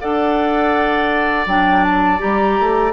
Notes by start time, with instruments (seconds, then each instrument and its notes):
0.00 bassoon D4, clarinet A4, oboe D5, flute F#5
1.47 bassoon F#3, clarinet D4, flute G5
1.84 flute A5
2.19 bassoon G3, clarinet G4, flute A#5
2.60 bassoon A3